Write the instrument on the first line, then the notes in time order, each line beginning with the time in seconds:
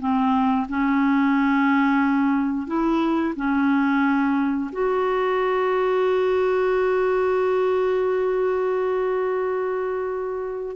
clarinet
0.00 C4
0.70 C#4
2.67 E4
3.36 C#4
4.73 F#4